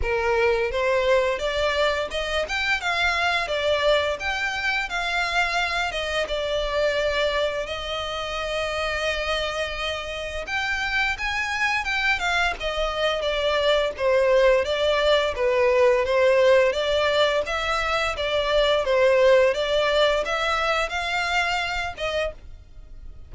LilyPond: \new Staff \with { instrumentName = "violin" } { \time 4/4 \tempo 4 = 86 ais'4 c''4 d''4 dis''8 g''8 | f''4 d''4 g''4 f''4~ | f''8 dis''8 d''2 dis''4~ | dis''2. g''4 |
gis''4 g''8 f''8 dis''4 d''4 | c''4 d''4 b'4 c''4 | d''4 e''4 d''4 c''4 | d''4 e''4 f''4. dis''8 | }